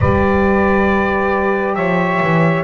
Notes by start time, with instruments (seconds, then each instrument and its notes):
0.00 double bass G3, horn G4, saxophone B4, trumpet D5
1.74 double bass F3, saxophone C#5, trumpet E5
2.22 double bass E3